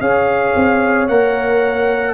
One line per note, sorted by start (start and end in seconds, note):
0.00 0.54 C#4
0.00 1.08 G#4
0.00 2.14 C#5
0.00 1.08 F5
0.56 1.09 C4
1.08 2.14 A#3
1.08 2.14 A#4
1.08 2.14 F#5